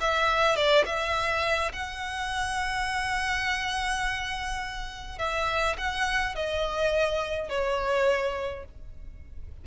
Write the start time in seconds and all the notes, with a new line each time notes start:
0.00 E5
0.56 D5
0.85 E5
1.72 F#5
5.18 E5
5.77 F#5
6.35 D#5
7.49 C#5